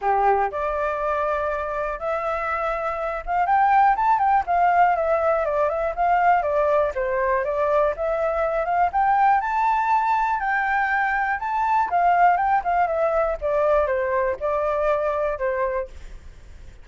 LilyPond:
\new Staff \with { instrumentName = "flute" } { \time 4/4 \tempo 4 = 121 g'4 d''2. | e''2~ e''8 f''8 g''4 | a''8 g''8 f''4 e''4 d''8 e''8 | f''4 d''4 c''4 d''4 |
e''4. f''8 g''4 a''4~ | a''4 g''2 a''4 | f''4 g''8 f''8 e''4 d''4 | c''4 d''2 c''4 | }